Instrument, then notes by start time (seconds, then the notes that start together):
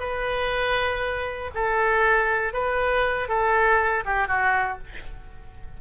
oboe
0.00 B4
1.55 A4
2.54 B4
3.29 A4
4.06 G4
4.28 F#4